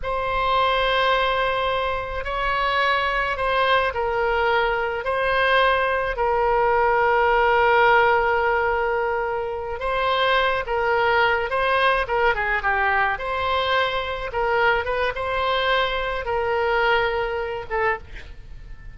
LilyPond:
\new Staff \with { instrumentName = "oboe" } { \time 4/4 \tempo 4 = 107 c''1 | cis''2 c''4 ais'4~ | ais'4 c''2 ais'4~ | ais'1~ |
ais'4. c''4. ais'4~ | ais'8 c''4 ais'8 gis'8 g'4 c''8~ | c''4. ais'4 b'8 c''4~ | c''4 ais'2~ ais'8 a'8 | }